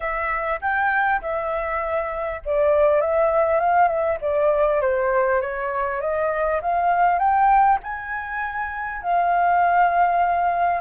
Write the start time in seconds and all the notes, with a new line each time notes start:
0.00 E5
0.61 G5
1.21 E5
2.45 D5
3.00 E5
3.59 F5
3.88 E5
4.21 D5
4.81 C5
5.41 C#5
6.01 D#5
6.61 F5
7.18 G5
7.83 G#5
9.02 F5